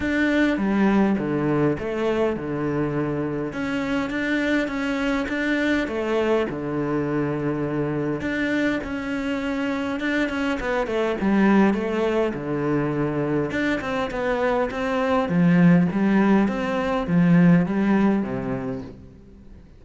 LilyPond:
\new Staff \with { instrumentName = "cello" } { \time 4/4 \tempo 4 = 102 d'4 g4 d4 a4 | d2 cis'4 d'4 | cis'4 d'4 a4 d4~ | d2 d'4 cis'4~ |
cis'4 d'8 cis'8 b8 a8 g4 | a4 d2 d'8 c'8 | b4 c'4 f4 g4 | c'4 f4 g4 c4 | }